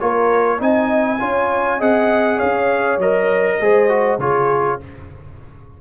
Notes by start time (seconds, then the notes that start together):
0.00 A#3 F4 A#4 C#5
0.59 C4 D#4 D#5 G#5
1.20 C#4 F4 C#5
1.79 C4 G#4 D#5 F#5
2.38 C#4 C#5 F5
2.98 F#3 A#4 D#5
3.61 G#3 G#4 C5
3.89 F#4
4.19 C#3 F4 G#4 C#5